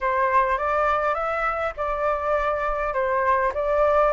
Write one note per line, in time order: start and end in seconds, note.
0.00 0.57 C5
0.57 1.14 D5
1.14 1.73 E5
1.76 2.93 D5
2.93 3.52 C5
3.53 4.12 D5